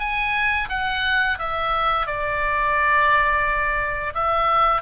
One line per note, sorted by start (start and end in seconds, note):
0.00 0.69 G#5
0.70 1.39 F#5
1.39 2.07 E5
2.07 4.14 D5
4.14 4.82 E5